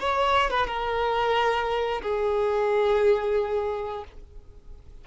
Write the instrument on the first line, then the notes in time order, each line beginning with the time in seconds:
violin
0.00 C#5
0.51 B4
0.67 A#4
2.02 G#4